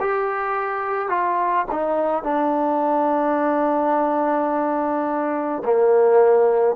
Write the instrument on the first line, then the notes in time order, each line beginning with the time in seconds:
trombone
0.00 G4
1.09 F4
1.71 D#4
2.23 D4
5.64 A#3